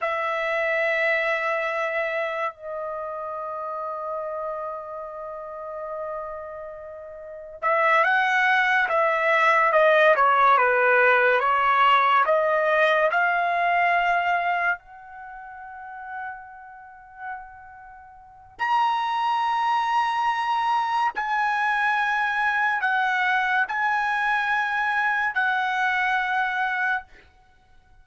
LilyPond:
\new Staff \with { instrumentName = "trumpet" } { \time 4/4 \tempo 4 = 71 e''2. dis''4~ | dis''1~ | dis''4 e''8 fis''4 e''4 dis''8 | cis''8 b'4 cis''4 dis''4 f''8~ |
f''4. fis''2~ fis''8~ | fis''2 ais''2~ | ais''4 gis''2 fis''4 | gis''2 fis''2 | }